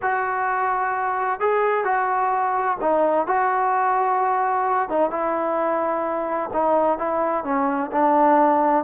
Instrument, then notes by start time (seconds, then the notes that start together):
trombone
0.01 F#4
1.40 G#4
1.84 F#4
2.80 D#4
3.27 F#4
4.89 D#4
5.10 E4
6.53 D#4
6.98 E4
7.44 C#4
7.92 D4